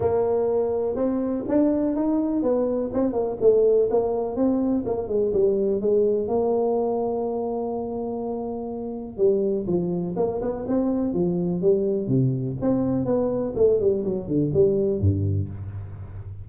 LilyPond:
\new Staff \with { instrumentName = "tuba" } { \time 4/4 \tempo 4 = 124 ais2 c'4 d'4 | dis'4 b4 c'8 ais8 a4 | ais4 c'4 ais8 gis8 g4 | gis4 ais2.~ |
ais2. g4 | f4 ais8 b8 c'4 f4 | g4 c4 c'4 b4 | a8 g8 fis8 d8 g4 g,4 | }